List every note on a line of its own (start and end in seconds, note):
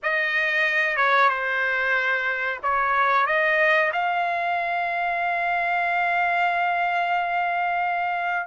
0.02 0.96 D#5
0.96 1.29 C#5
1.29 2.59 C5
2.63 3.26 C#5
3.26 3.91 D#5
3.92 8.46 F5